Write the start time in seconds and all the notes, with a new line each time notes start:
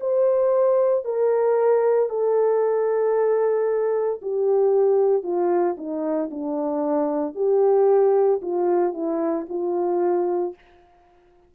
0.00 C5
1.04 A#4
2.10 A4
4.22 G4
5.23 F4
5.77 D#4
6.31 D4
7.35 G4
8.42 F4
8.93 E4
9.49 F4